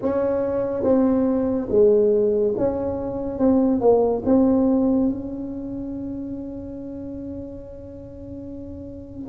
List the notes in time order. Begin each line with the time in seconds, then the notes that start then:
0.02 C#4
0.83 C4
1.69 G#3
2.57 C#4
3.38 C4
3.80 A#3
4.25 C4
5.09 C#4